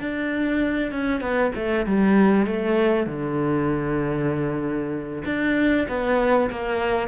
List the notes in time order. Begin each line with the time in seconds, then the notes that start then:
0.00 D4
0.92 C#4
1.21 B3
1.55 A3
1.86 G3
2.47 A3
3.07 D3
5.25 D4
5.88 B3
6.51 A#3